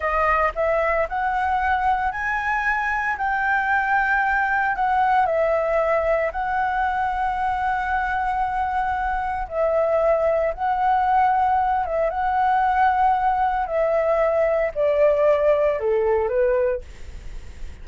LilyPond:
\new Staff \with { instrumentName = "flute" } { \time 4/4 \tempo 4 = 114 dis''4 e''4 fis''2 | gis''2 g''2~ | g''4 fis''4 e''2 | fis''1~ |
fis''2 e''2 | fis''2~ fis''8 e''8 fis''4~ | fis''2 e''2 | d''2 a'4 b'4 | }